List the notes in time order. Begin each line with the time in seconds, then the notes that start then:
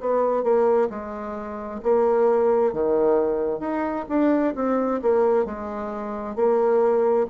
0.00 B3
0.43 A#3
0.90 G#3
1.83 A#3
2.73 D#3
3.60 D#4
4.09 D4
4.55 C4
5.02 A#3
5.45 G#3
6.36 A#3